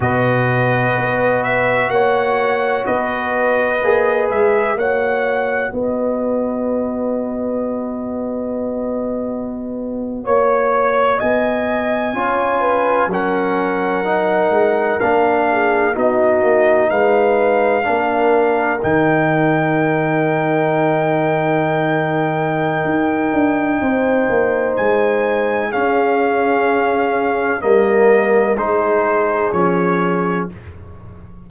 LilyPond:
<<
  \new Staff \with { instrumentName = "trumpet" } { \time 4/4 \tempo 4 = 63 dis''4. e''8 fis''4 dis''4~ | dis''8 e''8 fis''4 dis''2~ | dis''2~ dis''8. cis''4 gis''16~ | gis''4.~ gis''16 fis''2 f''16~ |
f''8. dis''4 f''2 g''16~ | g''1~ | g''2 gis''4 f''4~ | f''4 dis''4 c''4 cis''4 | }
  \new Staff \with { instrumentName = "horn" } { \time 4/4 b'2 cis''4 b'4~ | b'4 cis''4 b'2~ | b'2~ b'8. cis''4 dis''16~ | dis''8. cis''8 b'8 ais'2~ ais'16~ |
ais'16 gis'8 fis'4 b'4 ais'4~ ais'16~ | ais'1~ | ais'4 c''2 gis'4~ | gis'4 ais'4 gis'2 | }
  \new Staff \with { instrumentName = "trombone" } { \time 4/4 fis'1 | gis'4 fis'2.~ | fis'1~ | fis'8. f'4 cis'4 dis'4 d'16~ |
d'8. dis'2 d'4 dis'16~ | dis'1~ | dis'2. cis'4~ | cis'4 ais4 dis'4 cis'4 | }
  \new Staff \with { instrumentName = "tuba" } { \time 4/4 b,4 b4 ais4 b4 | ais8 gis8 ais4 b2~ | b2~ b8. ais4 b16~ | b8. cis'4 fis4. gis8 ais16~ |
ais8. b8 ais8 gis4 ais4 dis16~ | dis1 | dis'8 d'8 c'8 ais8 gis4 cis'4~ | cis'4 g4 gis4 f4 | }
>>